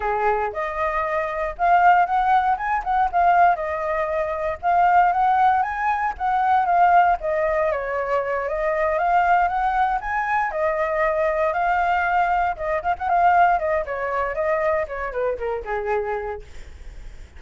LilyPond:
\new Staff \with { instrumentName = "flute" } { \time 4/4 \tempo 4 = 117 gis'4 dis''2 f''4 | fis''4 gis''8 fis''8 f''4 dis''4~ | dis''4 f''4 fis''4 gis''4 | fis''4 f''4 dis''4 cis''4~ |
cis''8 dis''4 f''4 fis''4 gis''8~ | gis''8 dis''2 f''4.~ | f''8 dis''8 f''16 fis''16 f''4 dis''8 cis''4 | dis''4 cis''8 b'8 ais'8 gis'4. | }